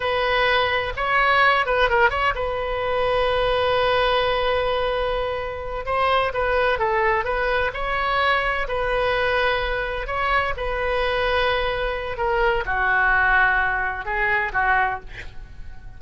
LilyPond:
\new Staff \with { instrumentName = "oboe" } { \time 4/4 \tempo 4 = 128 b'2 cis''4. b'8 | ais'8 cis''8 b'2.~ | b'1~ | b'8 c''4 b'4 a'4 b'8~ |
b'8 cis''2 b'4.~ | b'4. cis''4 b'4.~ | b'2 ais'4 fis'4~ | fis'2 gis'4 fis'4 | }